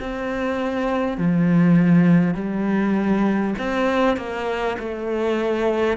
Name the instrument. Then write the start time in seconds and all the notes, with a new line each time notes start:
cello
0.00 C4
1.18 F3
2.35 G3
3.58 C4
4.17 A#3
4.79 A3